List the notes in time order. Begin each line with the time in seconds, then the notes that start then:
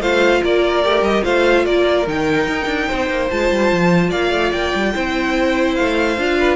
0.00 A3 F4 C5 F5
0.44 A#3 A#4 D5
0.84 A3 G4
1.02 G3 D#5
1.23 A3 F4 C5 F5
1.66 A#3 A#4 D5
2.07 D#3 D#4 G5
2.48 D#4
2.66 D4
2.88 C4 C5
3.10 A#3
3.31 G#3 F4 A5
3.51 G3
3.72 F3
4.10 A#3 D5 F5
4.32 A3
4.52 A#3 G5
4.75 G3
4.94 C4 E4 C5
5.75 A3 F5
6.18 D4 F4
6.39 B4